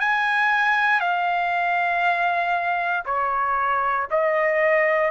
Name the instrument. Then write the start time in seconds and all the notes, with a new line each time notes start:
trumpet
0.00 G#5
1.01 F5
3.06 C#5
4.11 D#5